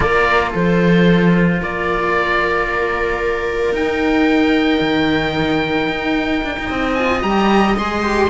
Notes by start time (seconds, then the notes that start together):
0.00 A#3 F4 A#4 D5
0.50 F3 A4 C5
1.61 A#3 A#4 D5
3.72 D#4 G5
4.80 D#3
5.88 D#4
6.43 D4
6.59 D#4
6.66 C4 D#5
6.94 F4 G#5
7.22 G3 G4 A#5
7.77 G#3 G#4 C6
8.02 G4